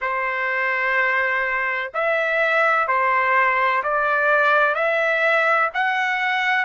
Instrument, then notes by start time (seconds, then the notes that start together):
trumpet
0.01 C5
1.94 E5
2.87 C5
3.83 D5
4.74 E5
5.74 F#5